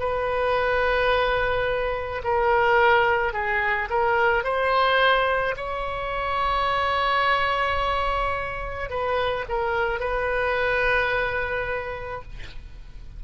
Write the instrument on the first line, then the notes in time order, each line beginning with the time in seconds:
oboe
0.00 B4
2.24 A#4
3.33 G#4
3.90 A#4
4.44 C5
5.57 C#5
8.90 B4
9.48 A#4
10.00 B4